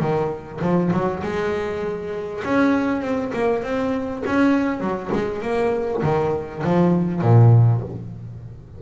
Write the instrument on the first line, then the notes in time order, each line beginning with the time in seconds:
double bass
0.00 D#3
0.61 F3
0.93 F#3
1.23 G#3
2.44 C#4
3.01 C4
3.33 A#3
3.63 C4
4.26 C#4
4.80 F#3
5.12 G#3
5.42 A#3
6.02 D#3
6.64 F3
7.21 A#2